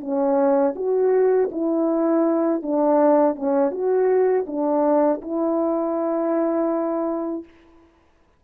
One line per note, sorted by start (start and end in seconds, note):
0.00 0.74 C#4
0.75 1.49 F#4
1.51 2.62 E4
2.62 3.35 D4
3.35 3.71 C#4
3.71 4.45 F#4
4.46 5.20 D4
5.22 7.44 E4